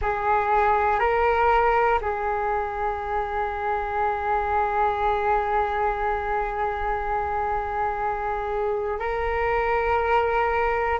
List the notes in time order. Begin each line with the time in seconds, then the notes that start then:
0.01 G#4
1.00 A#4
2.00 G#4
8.99 A#4